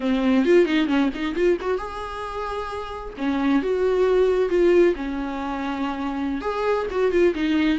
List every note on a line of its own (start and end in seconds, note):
0.00 0.45 C4
0.45 0.65 F4
0.65 0.87 D#4
0.87 1.09 C#4
1.14 1.35 D#4
1.35 1.57 F4
1.60 1.78 F#4
1.78 3.13 G#4
3.17 3.62 C#4
3.62 4.49 F#4
4.49 4.94 F4
4.95 6.41 C#4
6.41 6.86 G#4
6.90 7.11 F#4
7.11 7.34 F4
7.34 7.78 D#4